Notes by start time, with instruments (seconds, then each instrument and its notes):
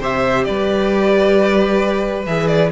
0.00 cello C3, viola G4, violin C5 E5
0.44 cello G3, violin B4 D5
2.27 cello E3, viola G#4, violin E5
2.48 violin D5